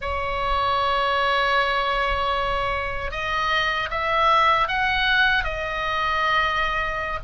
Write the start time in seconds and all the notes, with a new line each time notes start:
0.01 C#5
3.11 D#5
3.90 E5
4.68 F#5
5.44 D#5